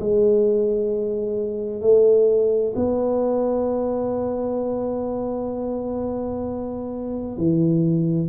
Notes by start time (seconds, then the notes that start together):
0.00 G#3
1.81 A3
2.76 B3
7.38 E3